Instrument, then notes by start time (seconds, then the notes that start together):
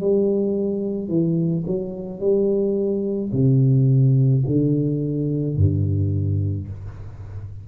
tuba
0.00 G3
1.08 E3
1.66 F#3
2.20 G3
3.32 C3
4.46 D3
5.56 G2